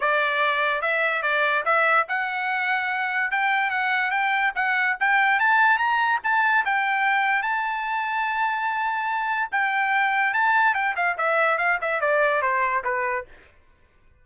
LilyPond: \new Staff \with { instrumentName = "trumpet" } { \time 4/4 \tempo 4 = 145 d''2 e''4 d''4 | e''4 fis''2. | g''4 fis''4 g''4 fis''4 | g''4 a''4 ais''4 a''4 |
g''2 a''2~ | a''2. g''4~ | g''4 a''4 g''8 f''8 e''4 | f''8 e''8 d''4 c''4 b'4 | }